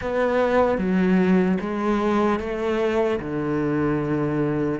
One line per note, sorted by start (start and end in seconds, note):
0.01 0.77 B3
0.77 1.57 F#3
1.60 2.39 G#3
2.39 3.19 A3
3.20 4.80 D3